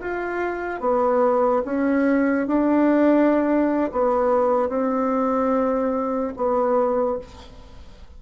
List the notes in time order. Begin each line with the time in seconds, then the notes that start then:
0.00 F4
0.80 B3
1.65 C#4
2.47 D4
3.92 B3
4.68 C4
6.36 B3